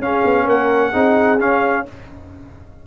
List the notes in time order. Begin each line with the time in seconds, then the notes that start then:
0.00 C#4 G#4 F5
0.25 B3
0.46 A#3 A#4 F#5
0.92 C4 D#4 G#4
1.40 C#4 F5